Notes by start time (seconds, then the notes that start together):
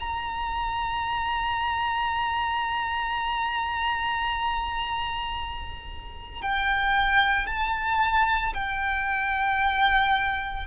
0.00 A#5
6.42 G5
7.47 A5
8.54 G5